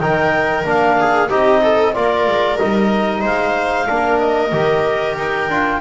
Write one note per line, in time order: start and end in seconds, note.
0.00 0.65 D#3
0.00 0.65 D#4
0.00 0.99 A#4
0.00 0.65 G5
0.65 1.30 A#3
0.65 1.29 D4
0.65 1.30 F5
1.00 1.30 G#4
1.30 1.96 C4
1.30 1.95 D#4
1.30 1.62 G4
1.30 1.94 D#5
1.63 1.95 A4
1.94 2.27 A#3
1.94 2.59 F4
1.94 3.22 A#4
1.94 2.58 D5
2.27 2.60 G#3
2.58 3.23 G3
2.58 3.87 D#4
2.58 3.23 D#5
3.22 3.88 G#3
3.22 3.86 C5
3.22 4.19 F5
3.87 4.53 A#3
3.87 4.51 D4
3.87 5.80 A#4
4.19 5.16 D#5
4.52 5.17 D#3
4.52 5.49 G4
5.17 5.49 D#4
5.17 5.81 G5
5.49 5.82 D4
5.49 5.82 F4